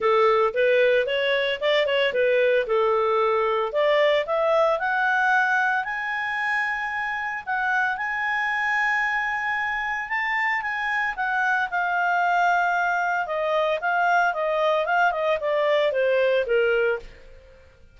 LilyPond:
\new Staff \with { instrumentName = "clarinet" } { \time 4/4 \tempo 4 = 113 a'4 b'4 cis''4 d''8 cis''8 | b'4 a'2 d''4 | e''4 fis''2 gis''4~ | gis''2 fis''4 gis''4~ |
gis''2. a''4 | gis''4 fis''4 f''2~ | f''4 dis''4 f''4 dis''4 | f''8 dis''8 d''4 c''4 ais'4 | }